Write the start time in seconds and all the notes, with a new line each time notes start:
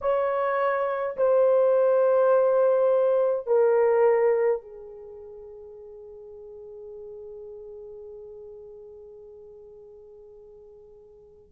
0.01 C#5
1.16 C5
3.46 A#4
4.61 G#4